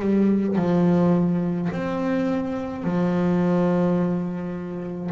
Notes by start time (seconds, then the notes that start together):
0.00 G3
0.57 F3
1.72 C4
2.85 F3